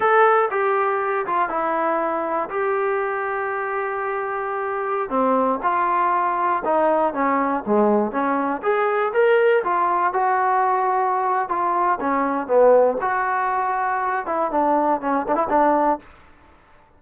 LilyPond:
\new Staff \with { instrumentName = "trombone" } { \time 4/4 \tempo 4 = 120 a'4 g'4. f'8 e'4~ | e'4 g'2.~ | g'2~ g'16 c'4 f'8.~ | f'4~ f'16 dis'4 cis'4 gis8.~ |
gis16 cis'4 gis'4 ais'4 f'8.~ | f'16 fis'2~ fis'8. f'4 | cis'4 b4 fis'2~ | fis'8 e'8 d'4 cis'8 d'16 e'16 d'4 | }